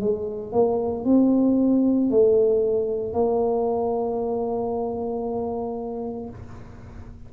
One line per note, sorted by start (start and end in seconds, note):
0.00 0.52 G#3
0.52 1.05 A#3
1.05 2.10 C4
2.10 3.13 A3
3.13 6.29 A#3